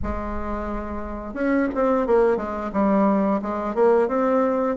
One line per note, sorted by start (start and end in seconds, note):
0.02 1.34 G#3
1.34 1.68 C#4
1.74 2.06 C4
2.06 2.36 A#3
2.36 2.71 G#3
2.72 3.41 G3
3.42 3.74 G#3
3.74 4.08 A#3
4.08 4.76 C4